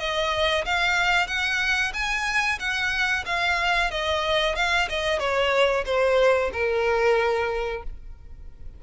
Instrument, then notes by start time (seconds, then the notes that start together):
violin
0.00 D#5
0.66 F5
1.27 F#5
1.94 G#5
2.60 F#5
3.26 F5
3.91 D#5
4.56 F5
4.90 D#5
5.19 C#5
5.86 C5
6.53 A#4